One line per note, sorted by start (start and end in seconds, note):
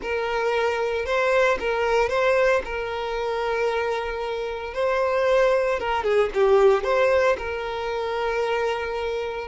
0.01 1.05 A#4
1.05 1.58 C5
1.59 2.09 A#4
2.09 2.61 C5
2.64 4.74 A#4
4.74 5.79 C5
5.79 6.03 A#4
6.03 6.29 G#4
6.33 6.83 G4
6.83 7.36 C5
7.38 9.48 A#4